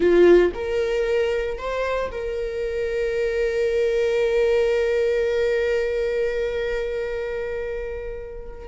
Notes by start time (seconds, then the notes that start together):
0.00 F4
0.54 A#4
1.58 C5
2.11 A#4